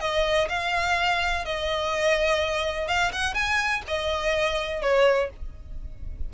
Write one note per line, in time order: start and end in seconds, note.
0.00 0.48 D#5
0.49 1.45 F5
1.45 2.88 D#5
2.88 3.12 F5
3.12 3.34 F#5
3.34 3.82 G#5
3.87 4.82 D#5
4.82 5.30 C#5